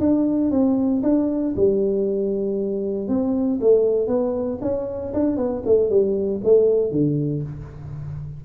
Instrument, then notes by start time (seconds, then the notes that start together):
tuba
0.00 D4
0.51 C4
1.03 D4
1.56 G3
3.08 C4
3.61 A3
4.07 B3
4.62 C#4
5.14 D4
5.37 B3
5.66 A3
5.90 G3
6.44 A3
6.91 D3